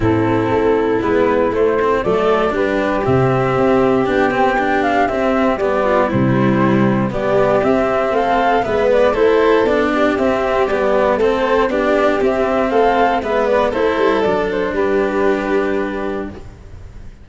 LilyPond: <<
  \new Staff \with { instrumentName = "flute" } { \time 4/4 \tempo 4 = 118 a'2 b'4 c''4 | d''4 b'4 e''2 | g''4. f''8 e''4 d''4 | c''2 d''4 e''4 |
f''4 e''8 d''8 c''4 d''4 | e''4 d''4 c''4 d''4 | e''4 f''4 e''8 d''8 c''4 | d''8 c''8 b'2. | }
  \new Staff \with { instrumentName = "violin" } { \time 4/4 e'1 | a'4 g'2.~ | g'2.~ g'8 f'8 | e'2 g'2 |
a'4 b'4 a'4. g'8~ | g'2 a'4 g'4~ | g'4 a'4 b'4 a'4~ | a'4 g'2. | }
  \new Staff \with { instrumentName = "cello" } { \time 4/4 c'2 b4 a8 c'8 | a4 d'4 c'2 | d'8 c'8 d'4 c'4 b4 | g2 b4 c'4~ |
c'4 b4 e'4 d'4 | c'4 b4 c'4 d'4 | c'2 b4 e'4 | d'1 | }
  \new Staff \with { instrumentName = "tuba" } { \time 4/4 a,4 a4 gis4 a4 | fis4 g4 c4 c'4 | b2 c'4 g4 | c2 g4 c'4 |
a4 gis4 a4 b4 | c'4 g4 a4 b4 | c'4 a4 gis4 a8 g8 | fis4 g2. | }
>>